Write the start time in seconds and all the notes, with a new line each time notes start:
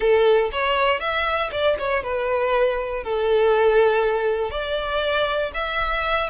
0.00 A4
0.52 C#5
0.99 E5
1.51 D5
1.79 C#5
2.03 B4
3.03 A4
4.50 D5
5.54 E5